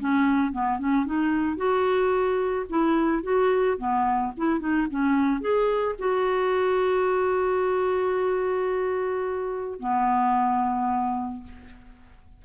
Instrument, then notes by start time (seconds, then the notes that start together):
clarinet
0.00 C#4
0.53 B3
0.79 C#4
1.06 D#4
1.57 F#4
2.70 E4
3.23 F#4
3.78 B3
4.37 E4
4.60 D#4
4.90 C#4
5.41 G#4
5.99 F#4
9.80 B3